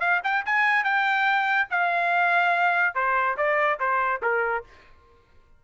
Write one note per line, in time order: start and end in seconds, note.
0.00 0.21 F5
0.24 0.45 G5
0.46 0.84 G#5
0.84 1.68 G5
1.71 2.95 F5
2.95 3.37 C5
3.38 3.80 D5
3.80 4.21 C5
4.22 4.64 A#4